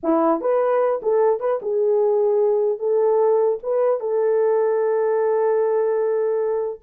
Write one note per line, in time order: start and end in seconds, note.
0.03 0.41 E4
0.41 1.01 B4
1.02 1.39 A4
1.39 1.59 B4
1.62 2.79 G#4
2.79 3.59 A4
3.63 3.99 B4
3.99 6.79 A4